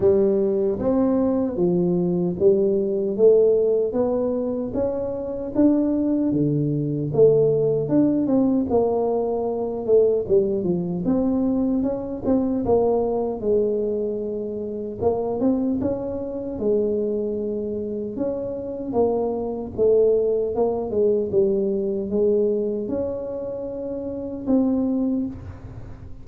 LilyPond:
\new Staff \with { instrumentName = "tuba" } { \time 4/4 \tempo 4 = 76 g4 c'4 f4 g4 | a4 b4 cis'4 d'4 | d4 a4 d'8 c'8 ais4~ | ais8 a8 g8 f8 c'4 cis'8 c'8 |
ais4 gis2 ais8 c'8 | cis'4 gis2 cis'4 | ais4 a4 ais8 gis8 g4 | gis4 cis'2 c'4 | }